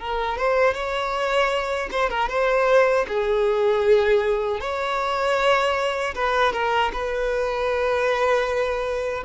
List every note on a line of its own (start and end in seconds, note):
0.00 0.38 A#4
0.38 0.74 C5
0.74 1.90 C#5
1.92 2.10 C5
2.10 2.29 A#4
2.29 3.06 C5
3.08 4.61 G#4
4.61 6.15 C#5
6.15 6.53 B4
6.53 6.92 A#4
6.93 9.24 B4